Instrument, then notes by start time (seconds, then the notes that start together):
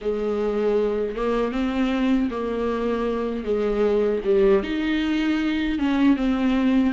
viola
0.01 G#3
1.15 A#3
1.52 C4
2.30 A#3
3.44 G#3
4.24 G3
4.63 D#4
5.78 C#4
6.16 C4